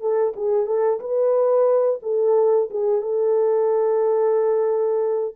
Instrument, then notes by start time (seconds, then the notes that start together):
horn
0.00 A4
0.36 G#4
0.66 A4
1.00 B4
2.02 A4
2.70 G#4
3.02 A4